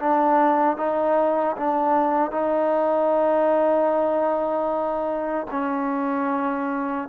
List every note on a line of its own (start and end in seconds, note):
0.00 0.77 D4
0.77 1.56 D#4
1.57 2.31 D4
2.31 5.47 D#4
5.51 7.09 C#4